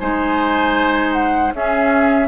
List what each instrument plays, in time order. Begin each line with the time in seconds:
0.00 bassoon G#3, clarinet D#4, oboe C5, flute G#5
1.13 flute F#5
1.53 bassoon C#4, clarinet C#4, oboe G#4, flute E5